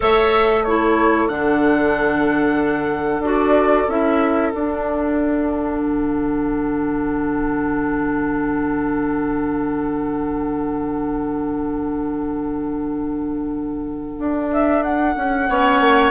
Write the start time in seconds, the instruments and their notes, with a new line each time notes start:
0.00 bassoon A3, clarinet A4, oboe C#5, flute E5
0.63 clarinet E4, oboe A4, flute C#5
1.28 bassoon D3, clarinet D4, flute F#5
3.19 bassoon D4, clarinet F#4
3.26 flute D5
3.87 bassoon C#4, clarinet E4, flute E5
4.51 clarinet D4, bassoon D4, flute F#5
5.81 bassoon D3
14.18 bassoon D4
14.52 flute E5
14.82 flute F#5
15.16 bassoon C#4
15.48 bassoon B3, clarinet C#4, oboe C#5
15.80 bassoon A#3